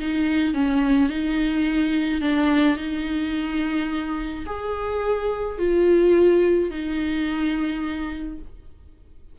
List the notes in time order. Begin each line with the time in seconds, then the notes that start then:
0.00 D#4
0.54 C#4
1.10 D#4
2.21 D4
2.77 D#4
4.47 G#4
5.59 F4
6.71 D#4